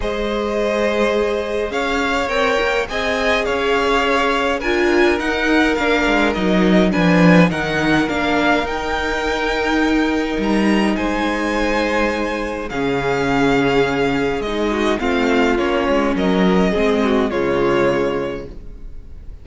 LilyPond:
<<
  \new Staff \with { instrumentName = "violin" } { \time 4/4 \tempo 4 = 104 dis''2. f''4 | g''4 gis''4 f''2 | gis''4 fis''4 f''4 dis''4 | gis''4 fis''4 f''4 g''4~ |
g''2 ais''4 gis''4~ | gis''2 f''2~ | f''4 dis''4 f''4 cis''4 | dis''2 cis''2 | }
  \new Staff \with { instrumentName = "violin" } { \time 4/4 c''2. cis''4~ | cis''4 dis''4 cis''2 | ais'1 | b'4 ais'2.~ |
ais'2. c''4~ | c''2 gis'2~ | gis'4. fis'8 f'2 | ais'4 gis'8 fis'8 f'2 | }
  \new Staff \with { instrumentName = "viola" } { \time 4/4 gis'1 | ais'4 gis'2. | f'4 dis'4 d'4 dis'4 | d'4 dis'4 d'4 dis'4~ |
dis'1~ | dis'2 cis'2~ | cis'4 dis'4 c'4 cis'4~ | cis'4 c'4 gis2 | }
  \new Staff \with { instrumentName = "cello" } { \time 4/4 gis2. cis'4 | c'8 ais8 c'4 cis'2 | d'4 dis'4 ais8 gis8 fis4 | f4 dis4 ais4 dis'4~ |
dis'2 g4 gis4~ | gis2 cis2~ | cis4 gis4 a4 ais8 gis8 | fis4 gis4 cis2 | }
>>